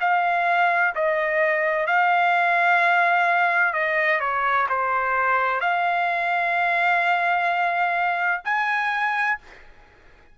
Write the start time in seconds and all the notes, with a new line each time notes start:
0.00 F5
0.95 D#5
1.86 F5
3.73 D#5
4.20 C#5
4.68 C5
5.60 F5
8.44 G#5